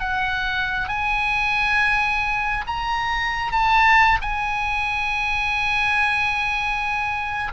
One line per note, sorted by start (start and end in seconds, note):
0.00 0.88 F#5
0.88 2.65 G#5
2.67 3.52 A#5
3.52 4.18 A5
4.22 7.52 G#5